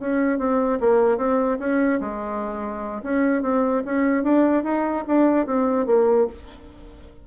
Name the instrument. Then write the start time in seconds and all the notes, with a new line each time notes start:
bassoon
0.00 C#4
0.39 C4
0.80 A#3
1.17 C4
1.59 C#4
2.00 G#3
3.03 C#4
3.42 C4
3.85 C#4
4.24 D4
4.63 D#4
5.07 D4
5.46 C4
5.86 A#3